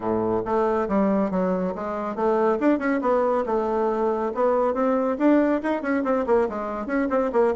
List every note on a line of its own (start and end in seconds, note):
0.00 0.42 A2
0.45 0.88 A3
0.88 1.30 G3
1.30 1.73 F#3
1.75 2.15 G#3
2.15 2.58 A3
2.60 2.78 D4
2.78 3.00 C#4
3.01 3.44 B3
3.46 4.32 A3
4.34 4.74 B3
4.74 5.17 C4
5.18 5.61 D4
5.62 5.82 D#4
5.82 6.03 C#4
6.04 6.25 C4
6.26 6.48 A#3
6.49 6.86 G#3
6.86 7.08 C#4
7.10 7.31 C4
7.32 7.54 A#3